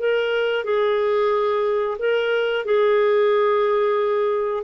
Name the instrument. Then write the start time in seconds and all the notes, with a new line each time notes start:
clarinet
0.00 A#4
0.65 G#4
1.99 A#4
2.65 G#4